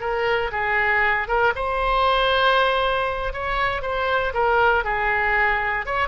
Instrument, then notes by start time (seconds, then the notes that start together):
oboe
0.00 A#4
0.52 G#4
1.27 A#4
1.55 C5
3.33 C#5
3.82 C5
4.33 A#4
4.84 G#4
5.85 C#5